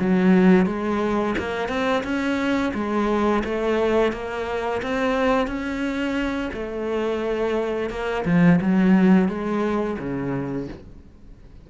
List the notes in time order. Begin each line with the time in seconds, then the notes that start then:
0.00 F#3
0.66 G#3
1.39 A#3
1.69 C4
2.03 C#4
2.74 G#3
3.45 A3
4.13 A#3
4.82 C4
5.47 C#4
6.53 A3
7.90 A#3
8.25 F3
8.61 F#3
9.29 G#3
9.99 C#3